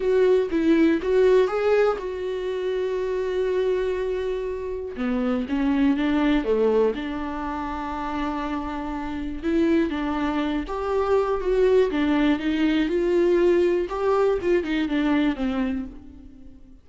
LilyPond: \new Staff \with { instrumentName = "viola" } { \time 4/4 \tempo 4 = 121 fis'4 e'4 fis'4 gis'4 | fis'1~ | fis'2 b4 cis'4 | d'4 a4 d'2~ |
d'2. e'4 | d'4. g'4. fis'4 | d'4 dis'4 f'2 | g'4 f'8 dis'8 d'4 c'4 | }